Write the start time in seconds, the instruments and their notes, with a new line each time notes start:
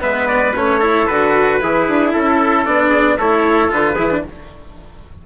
0.00 bassoon G#3, cello B3, trumpet B4 E5
0.27 trumpet D5
0.54 bassoon A3, cello C#4, trumpet C#5
0.79 cello E4, trumpet A4
1.07 bassoon D3, cello F#4, trumpet B4
1.61 bassoon E3, cello E4, trumpet G#4
1.88 bassoon D4
2.13 bassoon C#4, trumpet A4
2.65 bassoon B3, cello D4, trumpet D5
2.90 trumpet G#4
3.18 bassoon A3, cello E4, trumpet A4 C#5
3.68 bassoon D3, cello F4, trumpet B4
3.95 bassoon E3, cello E4, trumpet G#4
4.10 cello D4